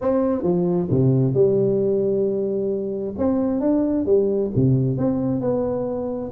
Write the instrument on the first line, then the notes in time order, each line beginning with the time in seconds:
tuba
0.01 C4
0.42 F3
0.90 C3
1.33 G3
3.18 C4
3.60 D4
4.05 G3
4.55 C3
4.97 C4
5.40 B3